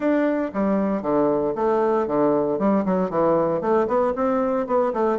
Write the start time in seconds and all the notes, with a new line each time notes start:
0.00 D4
0.53 G3
1.02 D3
1.55 A3
2.07 D3
2.58 G3
2.85 F#3
3.10 E3
3.61 A3
3.87 B3
4.15 C4
4.66 B3
4.93 A3